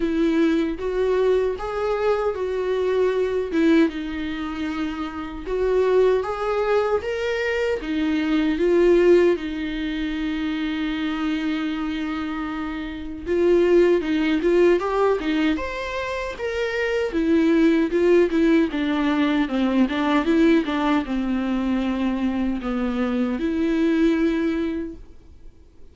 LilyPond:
\new Staff \with { instrumentName = "viola" } { \time 4/4 \tempo 4 = 77 e'4 fis'4 gis'4 fis'4~ | fis'8 e'8 dis'2 fis'4 | gis'4 ais'4 dis'4 f'4 | dis'1~ |
dis'4 f'4 dis'8 f'8 g'8 dis'8 | c''4 ais'4 e'4 f'8 e'8 | d'4 c'8 d'8 e'8 d'8 c'4~ | c'4 b4 e'2 | }